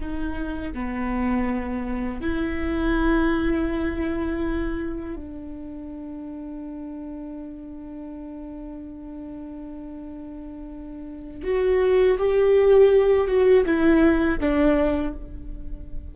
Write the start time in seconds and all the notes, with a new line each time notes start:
0.00 D#4
0.74 B3
2.21 E4
5.16 D4
11.44 F#4
12.19 G4
13.28 F#4
13.66 E4
14.40 D4